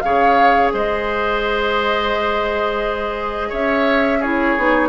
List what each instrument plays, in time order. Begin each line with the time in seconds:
0.00 bassoon C#3, clarinet G#4, oboe C#5, flute F5
0.73 bassoon G#3, oboe C5, flute D#5
3.49 bassoon C#4, oboe C#5, flute E5
4.19 clarinet E4, oboe G#4, flute C#5
4.57 bassoon B3, clarinet D#4